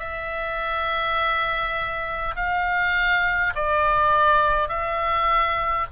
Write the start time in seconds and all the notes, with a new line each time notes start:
0.00 E5
2.36 F5
3.56 D5
4.69 E5